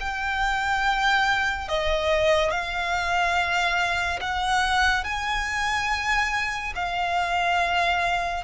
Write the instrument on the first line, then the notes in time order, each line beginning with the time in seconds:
violin
0.00 G5
1.68 D#5
2.51 F5
4.21 F#5
5.04 G#5
6.75 F5